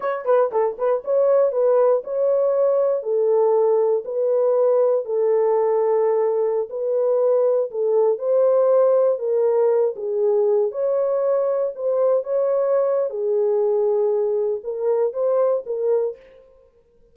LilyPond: \new Staff \with { instrumentName = "horn" } { \time 4/4 \tempo 4 = 119 cis''8 b'8 a'8 b'8 cis''4 b'4 | cis''2 a'2 | b'2 a'2~ | a'4~ a'16 b'2 a'8.~ |
a'16 c''2 ais'4. gis'16~ | gis'4~ gis'16 cis''2 c''8.~ | c''16 cis''4.~ cis''16 gis'2~ | gis'4 ais'4 c''4 ais'4 | }